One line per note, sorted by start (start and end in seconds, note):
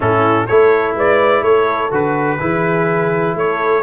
0.00 0.48 A2
0.00 0.48 C#4
0.00 0.46 E4
0.00 0.47 A4
0.47 0.95 A3
0.47 1.90 E4
0.47 0.95 A4
0.47 0.95 C#5
0.95 1.42 G#3
0.95 1.41 B4
0.95 1.43 D5
1.41 1.90 A3
1.41 2.37 A4
1.41 1.91 C#5
1.90 2.39 D3
1.90 2.38 F#4
1.90 3.37 B4
2.39 3.35 E3
2.39 3.82 E4
2.39 3.36 G#4
3.35 3.82 A3
3.35 3.82 A4
3.35 3.82 C#5